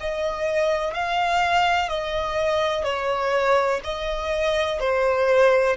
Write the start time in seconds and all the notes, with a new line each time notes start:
0.00 D#5
0.93 F5
1.88 D#5
2.83 C#5
3.84 D#5
4.79 C5